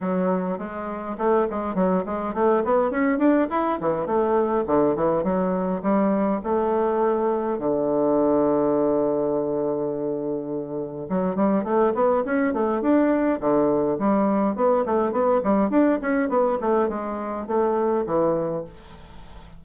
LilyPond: \new Staff \with { instrumentName = "bassoon" } { \time 4/4 \tempo 4 = 103 fis4 gis4 a8 gis8 fis8 gis8 | a8 b8 cis'8 d'8 e'8 e8 a4 | d8 e8 fis4 g4 a4~ | a4 d2.~ |
d2. fis8 g8 | a8 b8 cis'8 a8 d'4 d4 | g4 b8 a8 b8 g8 d'8 cis'8 | b8 a8 gis4 a4 e4 | }